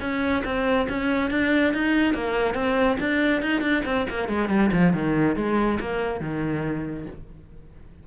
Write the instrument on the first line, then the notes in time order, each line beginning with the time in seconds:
cello
0.00 C#4
0.44 C4
0.89 C#4
1.30 D4
1.73 D#4
2.14 A#3
2.54 C4
2.99 D4
3.41 D#4
3.61 D4
3.85 C4
4.09 A#3
4.28 G#3
4.49 G3
4.72 F3
4.93 D#3
5.36 G#3
5.80 A#3
6.20 D#3